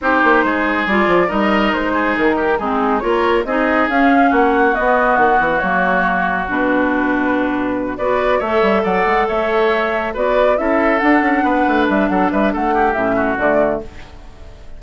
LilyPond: <<
  \new Staff \with { instrumentName = "flute" } { \time 4/4 \tempo 4 = 139 c''2 d''4 dis''4 | c''4 ais'4 gis'4 cis''4 | dis''4 f''4 fis''4 dis''4 | fis''4 cis''2 b'4~ |
b'2~ b'8 d''4 e''8~ | e''8 fis''4 e''2 d''8~ | d''8 e''4 fis''2 e''8 | fis''8 e''8 fis''4 e''4 d''4 | }
  \new Staff \with { instrumentName = "oboe" } { \time 4/4 g'4 gis'2 ais'4~ | ais'8 gis'4 g'8 dis'4 ais'4 | gis'2 fis'2~ | fis'1~ |
fis'2~ fis'8 b'4 cis''8~ | cis''8 d''4 cis''2 b'8~ | b'8 a'2 b'4. | a'8 b'8 a'8 g'4 fis'4. | }
  \new Staff \with { instrumentName = "clarinet" } { \time 4/4 dis'2 f'4 dis'4~ | dis'2 c'4 f'4 | dis'4 cis'2 b4~ | b4 ais2 d'4~ |
d'2~ d'8 fis'4 a'8~ | a'2.~ a'8 fis'8~ | fis'8 e'4 d'2~ d'8~ | d'2 cis'4 a4 | }
  \new Staff \with { instrumentName = "bassoon" } { \time 4/4 c'8 ais8 gis4 g8 f8 g4 | gis4 dis4 gis4 ais4 | c'4 cis'4 ais4 b4 | dis8 e8 fis2 b,4~ |
b,2~ b,8 b4 a8 | g8 fis8 gis8 a2 b8~ | b8 cis'4 d'8 cis'8 b8 a8 g8 | fis8 g8 a4 a,4 d4 | }
>>